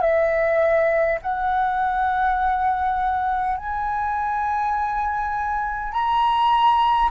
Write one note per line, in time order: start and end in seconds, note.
0.00 1.18 E5
1.21 3.57 F#5
3.57 5.92 G#5
5.92 7.10 A#5